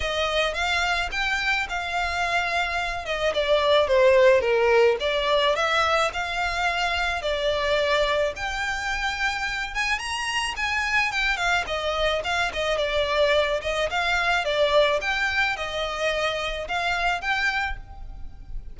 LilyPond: \new Staff \with { instrumentName = "violin" } { \time 4/4 \tempo 4 = 108 dis''4 f''4 g''4 f''4~ | f''4. dis''8 d''4 c''4 | ais'4 d''4 e''4 f''4~ | f''4 d''2 g''4~ |
g''4. gis''8 ais''4 gis''4 | g''8 f''8 dis''4 f''8 dis''8 d''4~ | d''8 dis''8 f''4 d''4 g''4 | dis''2 f''4 g''4 | }